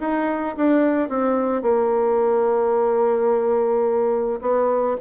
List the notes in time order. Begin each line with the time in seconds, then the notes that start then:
0.00 D#4
0.56 D4
1.09 C4
1.62 A#3
4.41 B3